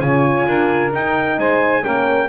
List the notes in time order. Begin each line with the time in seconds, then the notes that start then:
0.00 C#3 F4 C#5 G#5
0.47 D4 A#4
0.93 D#4 G5
1.38 G#3 C5 G#5
1.82 A#3 C#4 A#4 G5